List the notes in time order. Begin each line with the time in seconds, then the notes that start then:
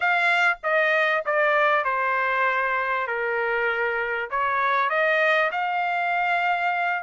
0.00 F5
0.63 D#5
1.25 D5
1.84 C5
3.07 A#4
4.30 C#5
4.89 D#5
5.51 F5